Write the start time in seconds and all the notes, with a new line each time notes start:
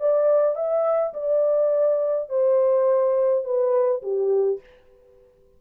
0.00 D5
0.56 E5
1.14 D5
2.29 C5
3.44 B4
4.02 G4